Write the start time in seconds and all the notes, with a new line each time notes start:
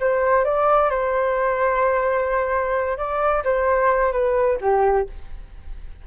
0.00 C5
0.44 D5
0.90 C5
2.97 D5
3.44 C5
4.12 B4
4.61 G4